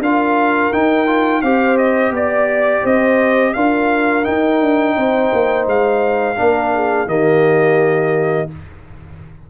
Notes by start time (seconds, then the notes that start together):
0.00 D4 F4 A#4 F5
0.73 D#4 G5
1.07 F4
1.42 C4 G4 C5 F5
1.78 D#5
2.11 B3 D5
2.84 C4 C5 D#5
3.54 D4 F4 A#4 F5
4.24 D#4 G5
4.61 D4
4.96 C4 C5
5.33 A#3
5.67 G#3 F5
6.37 A#3 D4 A#4
6.75 G#4
7.07 D#3 A#3 G4 D#5